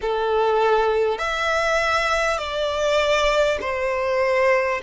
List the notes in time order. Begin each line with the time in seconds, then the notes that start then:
0.01 A4
1.18 E5
2.38 D5
3.61 C5